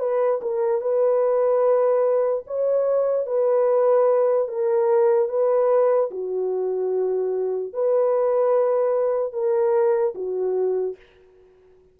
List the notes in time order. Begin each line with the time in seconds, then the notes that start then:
0.00 B4
0.42 A#4
0.81 B4
2.47 C#5
3.27 B4
4.48 A#4
5.29 B4
6.11 F#4
7.73 B4
9.33 A#4
10.15 F#4